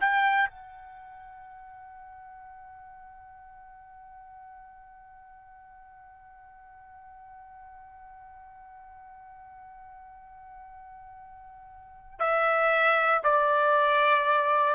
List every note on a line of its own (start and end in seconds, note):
0.00 0.49 G5
0.49 12.18 F#5
12.18 13.20 E5
13.23 14.74 D5